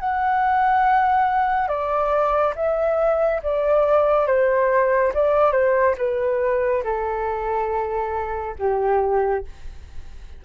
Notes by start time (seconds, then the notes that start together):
0.00 F#5
1.68 D5
2.56 E5
3.43 D5
4.27 C5
5.14 D5
5.52 C5
5.98 B4
6.84 A4
8.59 G4